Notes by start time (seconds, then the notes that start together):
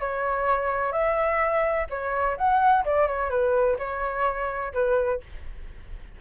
0.00 C#5
0.92 E5
1.89 C#5
2.37 F#5
2.85 D5
3.06 C#5
3.29 B4
3.78 C#5
4.73 B4